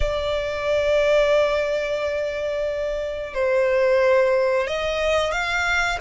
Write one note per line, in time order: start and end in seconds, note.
0.00 3.33 D5
3.34 4.67 C5
4.67 5.31 D#5
5.31 5.98 F5